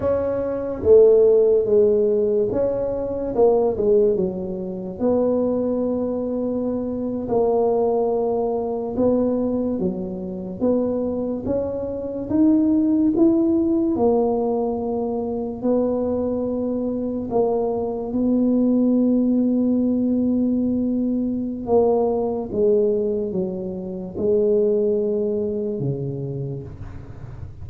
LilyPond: \new Staff \with { instrumentName = "tuba" } { \time 4/4 \tempo 4 = 72 cis'4 a4 gis4 cis'4 | ais8 gis8 fis4 b2~ | b8. ais2 b4 fis16~ | fis8. b4 cis'4 dis'4 e'16~ |
e'8. ais2 b4~ b16~ | b8. ais4 b2~ b16~ | b2 ais4 gis4 | fis4 gis2 cis4 | }